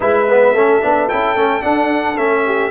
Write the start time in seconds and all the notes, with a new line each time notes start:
0.00 G#3 E4 B4 E5
0.29 B3
0.53 A3 C#4 A4
0.81 B3 D4
1.08 C#4 E4 G5
1.35 A3 C#4
1.61 D4 F#5
2.17 A3 C#4 E5
2.45 G4